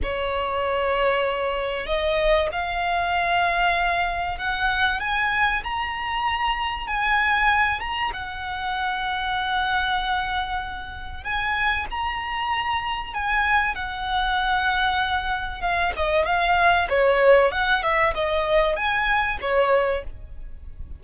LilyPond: \new Staff \with { instrumentName = "violin" } { \time 4/4 \tempo 4 = 96 cis''2. dis''4 | f''2. fis''4 | gis''4 ais''2 gis''4~ | gis''8 ais''8 fis''2.~ |
fis''2 gis''4 ais''4~ | ais''4 gis''4 fis''2~ | fis''4 f''8 dis''8 f''4 cis''4 | fis''8 e''8 dis''4 gis''4 cis''4 | }